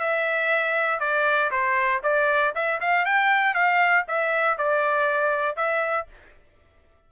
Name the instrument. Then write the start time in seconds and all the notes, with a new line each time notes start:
trumpet
0.00 E5
1.00 D5
1.51 C5
2.03 D5
2.55 E5
2.81 F5
3.06 G5
3.54 F5
4.08 E5
4.58 D5
5.56 E5